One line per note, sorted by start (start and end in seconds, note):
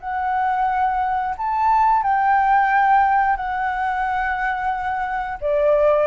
0.00 1.35 F#5
1.37 2.03 A5
2.03 3.36 G5
3.36 5.38 F#5
5.41 6.07 D5